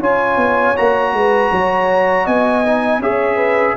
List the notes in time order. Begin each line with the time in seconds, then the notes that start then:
0.00 C#4 F4 C#5 G#5
0.37 B3
0.77 A#3 F#4 A#5
1.13 G#3 B4
1.52 F#3 C#5
2.25 B3 D#5 G#5
2.65 D#4
2.99 C#4 G#4 C#5 E5
3.37 B4